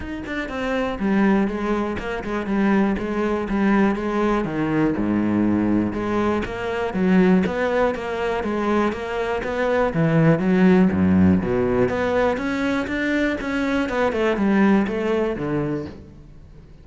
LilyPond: \new Staff \with { instrumentName = "cello" } { \time 4/4 \tempo 4 = 121 dis'8 d'8 c'4 g4 gis4 | ais8 gis8 g4 gis4 g4 | gis4 dis4 gis,2 | gis4 ais4 fis4 b4 |
ais4 gis4 ais4 b4 | e4 fis4 fis,4 b,4 | b4 cis'4 d'4 cis'4 | b8 a8 g4 a4 d4 | }